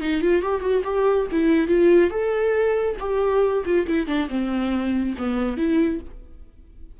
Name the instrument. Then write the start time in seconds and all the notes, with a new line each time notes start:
viola
0.00 D#4
0.21 F4
0.42 G4
0.61 F#4
0.84 G4
1.31 E4
1.67 F4
2.10 A4
2.99 G4
3.65 F4
3.86 E4
4.07 D4
4.29 C4
5.18 B3
5.57 E4